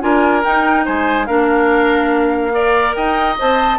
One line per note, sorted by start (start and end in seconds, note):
0.00 0.44 D4
0.00 0.42 F4
0.00 0.85 A#4
0.00 0.43 G#5
0.44 0.87 D#4
0.44 1.26 D#4
0.44 0.86 G5
0.85 1.28 G#3
0.85 1.26 C5
0.85 1.26 G#5
1.26 2.96 A#3
1.26 2.51 D4
1.26 2.52 A#4
1.26 2.93 F5
2.51 3.35 A#4
2.51 2.95 D5
2.94 3.38 D#4
2.94 3.78 D#5
2.94 3.36 G5
3.38 3.78 C4
3.38 3.78 C5
3.38 3.78 A5